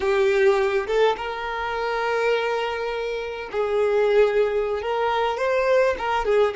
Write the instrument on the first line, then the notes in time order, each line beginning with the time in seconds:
violin
0.00 G4
0.86 A4
1.17 A#4
3.51 G#4
4.81 A#4
5.38 C5
5.98 A#4
6.25 G#4